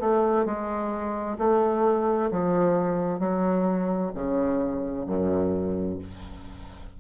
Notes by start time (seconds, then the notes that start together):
0.00 A3
0.45 G#3
1.38 A3
2.31 F3
3.19 F#3
4.15 C#3
5.06 F#2